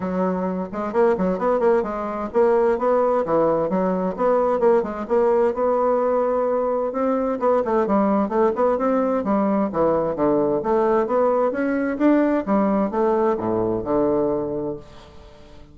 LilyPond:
\new Staff \with { instrumentName = "bassoon" } { \time 4/4 \tempo 4 = 130 fis4. gis8 ais8 fis8 b8 ais8 | gis4 ais4 b4 e4 | fis4 b4 ais8 gis8 ais4 | b2. c'4 |
b8 a8 g4 a8 b8 c'4 | g4 e4 d4 a4 | b4 cis'4 d'4 g4 | a4 a,4 d2 | }